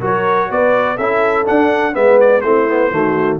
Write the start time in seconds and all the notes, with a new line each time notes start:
0.00 F#3 F#4 A#4 C#5
0.50 B3 B4 D5
0.96 C#4 E4 A4 E5
1.45 D4 F#5
1.93 G#3 B3 B4 E5
2.20 D5
2.41 A3 C4 E4 C5
2.68 B3
2.91 D#3 A3 F#4